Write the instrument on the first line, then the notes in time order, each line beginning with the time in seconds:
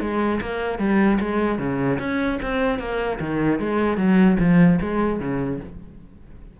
cello
0.00 G#3
0.41 A#3
0.78 G3
1.20 G#3
1.58 C#3
1.99 C#4
2.42 C4
2.79 A#3
3.20 D#3
3.59 G#3
3.97 F#3
4.39 F3
4.81 G#3
5.19 C#3